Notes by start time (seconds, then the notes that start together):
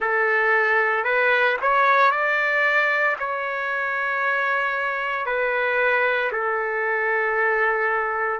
0.00 A4
1.04 B4
1.61 C#5
2.11 D5
3.19 C#5
5.25 B4
6.32 A4